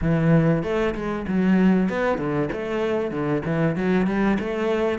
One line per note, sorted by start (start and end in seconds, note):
0.01 0.62 E3
0.62 0.94 A3
0.95 1.26 G#3
1.27 1.89 F#3
1.89 2.18 B3
2.18 2.49 D3
2.52 3.11 A3
3.11 3.42 D3
3.45 3.76 E3
3.76 4.06 F#3
4.06 4.38 G3
4.39 4.98 A3